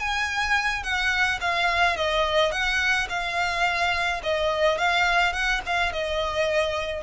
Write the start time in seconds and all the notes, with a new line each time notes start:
0.00 G#5
0.84 F#5
1.41 F5
1.97 D#5
2.52 F#5
3.09 F5
4.24 D#5
4.78 F5
5.33 F#5
5.66 F5
5.93 D#5